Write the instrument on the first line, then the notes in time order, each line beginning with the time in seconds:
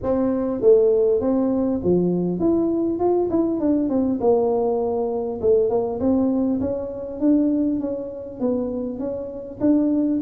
tuba
0.02 C4
0.61 A3
1.21 C4
1.83 F3
2.39 E4
2.99 F4
3.29 E4
3.60 D4
3.89 C4
4.20 A#3
5.41 A3
5.69 A#3
6.00 C4
6.60 C#4
7.20 D4
7.79 C#4
8.40 B3
8.99 C#4
9.60 D4